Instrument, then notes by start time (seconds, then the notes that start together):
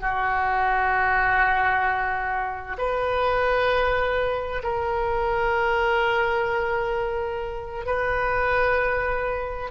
oboe
0.00 F#4
2.78 B4
4.63 A#4
7.86 B4